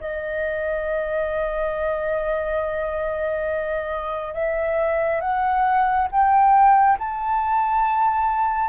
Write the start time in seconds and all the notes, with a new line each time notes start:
0.00 D#5
4.34 E5
5.21 F#5
6.11 G5
6.98 A5